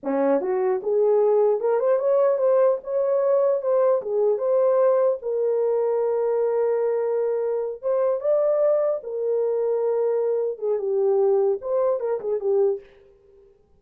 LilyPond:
\new Staff \with { instrumentName = "horn" } { \time 4/4 \tempo 4 = 150 cis'4 fis'4 gis'2 | ais'8 c''8 cis''4 c''4 cis''4~ | cis''4 c''4 gis'4 c''4~ | c''4 ais'2.~ |
ais'2.~ ais'8 c''8~ | c''8 d''2 ais'4.~ | ais'2~ ais'8 gis'8 g'4~ | g'4 c''4 ais'8 gis'8 g'4 | }